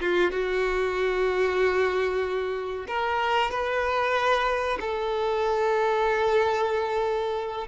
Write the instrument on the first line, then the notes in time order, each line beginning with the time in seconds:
violin
0.00 F4
0.31 F#4
2.88 A#4
3.50 B4
4.80 A4